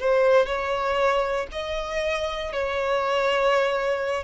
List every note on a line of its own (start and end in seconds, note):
0.00 0.47 C5
0.47 1.47 C#5
1.52 2.53 D#5
2.53 4.24 C#5